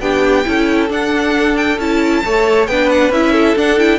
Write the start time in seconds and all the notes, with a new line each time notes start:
0.00 B3 D4 G4 G5
0.44 C#4 E4 A4
0.88 D4 F#5
1.56 G5
1.78 C#4 E4 A5
2.24 A3 A4 C#5
2.67 B3 D4 B4 G5
2.89 F#5
3.10 C#4 E4 E5
3.32 A4
3.55 D4 F#5
3.78 E4 G5